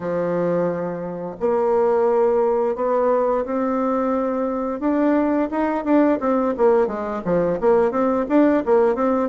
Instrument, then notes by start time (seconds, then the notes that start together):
bassoon
0.00 F3
1.39 A#3
2.75 B3
3.45 C4
4.80 D4
5.50 D#4
5.84 D4
6.19 C4
6.57 A#3
6.87 G#3
7.24 F3
7.60 A#3
7.91 C4
8.28 D4
8.65 A#3
8.95 C4